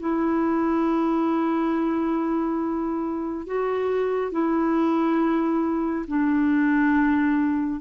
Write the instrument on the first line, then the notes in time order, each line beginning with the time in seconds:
clarinet
0.00 E4
3.47 F#4
4.32 E4
6.08 D4